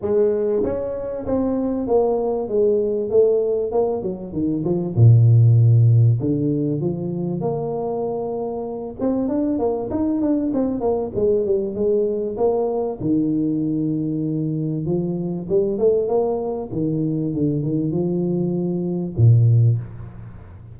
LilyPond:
\new Staff \with { instrumentName = "tuba" } { \time 4/4 \tempo 4 = 97 gis4 cis'4 c'4 ais4 | gis4 a4 ais8 fis8 dis8 f8 | ais,2 d4 f4 | ais2~ ais8 c'8 d'8 ais8 |
dis'8 d'8 c'8 ais8 gis8 g8 gis4 | ais4 dis2. | f4 g8 a8 ais4 dis4 | d8 dis8 f2 ais,4 | }